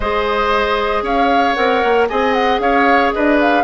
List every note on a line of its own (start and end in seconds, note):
0.00 1.02 G#3
0.00 1.55 G#4
0.00 1.03 C5
0.00 1.04 D#5
1.02 1.54 C#4
1.02 2.08 C#5
1.02 1.54 F5
1.54 1.83 C4
1.54 2.08 A#4
1.54 2.06 F#5
1.83 2.09 A#3
2.09 2.59 C4
2.09 3.63 G#4
2.09 2.61 D#5
2.09 2.33 G#5
2.33 2.59 F#5
2.59 3.11 C#4
2.59 3.14 C#5
2.59 3.12 F5
3.12 3.63 D4
3.12 3.63 B4
3.12 3.38 D#5
3.41 3.63 F5